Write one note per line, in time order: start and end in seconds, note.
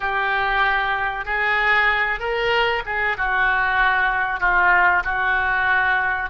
0.00 1.25 G4
1.25 2.19 G#4
2.19 2.82 A#4
2.85 3.17 G#4
3.17 4.40 F#4
4.40 5.03 F4
5.04 6.30 F#4